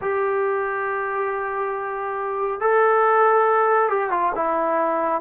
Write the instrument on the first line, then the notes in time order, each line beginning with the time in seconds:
trombone
0.01 G4
2.60 A4
3.89 G4
4.10 F4
4.35 E4